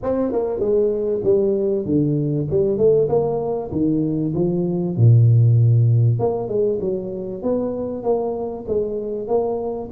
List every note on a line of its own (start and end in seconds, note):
0.02 0.31 C4
0.31 0.59 A#3
0.59 1.21 G#3
1.23 1.85 G3
1.85 2.47 D3
2.50 2.77 G3
2.77 3.08 A3
3.08 3.70 A#3
3.71 4.33 D#3
4.34 4.96 F3
4.96 6.19 A#2
6.19 6.48 A#3
6.48 6.79 G#3
6.80 7.42 F#3
7.42 8.03 B3
8.03 8.65 A#3
8.67 9.27 G#3
9.27 9.89 A#3